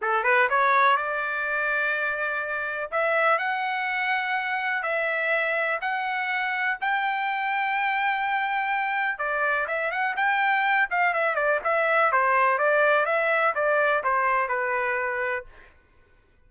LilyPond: \new Staff \with { instrumentName = "trumpet" } { \time 4/4 \tempo 4 = 124 a'8 b'8 cis''4 d''2~ | d''2 e''4 fis''4~ | fis''2 e''2 | fis''2 g''2~ |
g''2. d''4 | e''8 fis''8 g''4. f''8 e''8 d''8 | e''4 c''4 d''4 e''4 | d''4 c''4 b'2 | }